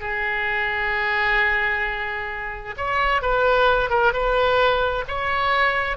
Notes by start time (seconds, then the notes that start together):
0.00 G#4
2.77 C#5
3.21 B4
3.90 A#4
4.12 B4
5.07 C#5